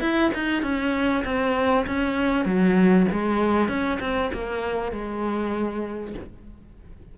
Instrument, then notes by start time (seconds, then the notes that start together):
cello
0.00 E4
0.34 D#4
0.62 C#4
1.24 C4
1.86 C#4
2.45 F#3
3.11 G#3
3.68 C#4
4.00 C4
4.33 A#3
4.91 G#3